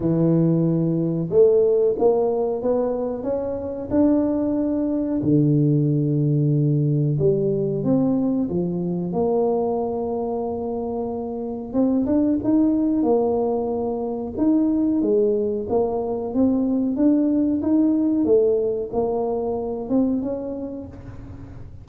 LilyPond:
\new Staff \with { instrumentName = "tuba" } { \time 4/4 \tempo 4 = 92 e2 a4 ais4 | b4 cis'4 d'2 | d2. g4 | c'4 f4 ais2~ |
ais2 c'8 d'8 dis'4 | ais2 dis'4 gis4 | ais4 c'4 d'4 dis'4 | a4 ais4. c'8 cis'4 | }